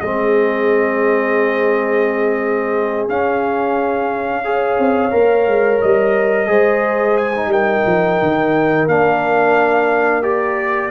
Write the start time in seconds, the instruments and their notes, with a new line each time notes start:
0.00 tuba G#3, trombone C4, horn G#4, trumpet D#5
3.09 tuba C#4, trombone C#4, trumpet F5
4.45 trombone G#4, horn C#5
4.79 tuba C4
5.11 tuba A#3, trombone A#4
5.47 tuba G#3
5.82 tuba G3, trumpet D#5
6.47 tuba G#3, trombone G#4, horn C5
7.18 trumpet G#5
7.36 trombone D#4
7.47 tuba G3, horn A#4, trumpet G5
7.86 tuba F3
8.22 tuba D#3
8.88 tuba A#3, trombone D4, trumpet F5
10.22 trombone G4, trumpet D5